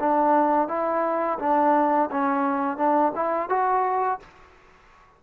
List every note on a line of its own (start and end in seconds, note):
0.00 0.68 D4
0.68 1.39 E4
1.39 2.10 D4
2.11 2.78 C#4
2.78 3.13 D4
3.16 3.49 E4
3.49 4.20 F#4